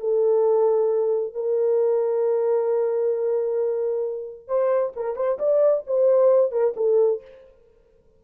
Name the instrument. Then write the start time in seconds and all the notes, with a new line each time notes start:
horn
0.00 A4
1.34 A#4
4.48 C5
4.96 A#4
5.16 C5
5.39 D5
5.87 C5
6.51 A#4
6.76 A4